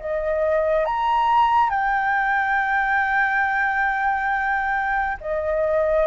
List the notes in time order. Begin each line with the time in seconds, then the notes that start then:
0.00 D#5
0.86 A#5
1.70 G5
5.21 D#5